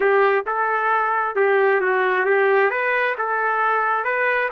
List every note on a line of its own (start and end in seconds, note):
0.00 0.44 G4
0.46 1.35 A4
1.35 1.80 G4
1.80 2.25 F#4
2.25 2.70 G4
2.70 3.15 B4
3.18 4.04 A4
4.04 4.49 B4